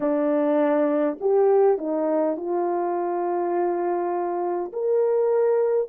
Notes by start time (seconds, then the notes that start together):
0.00 D4
1.20 G4
1.78 D#4
2.36 F4
4.73 A#4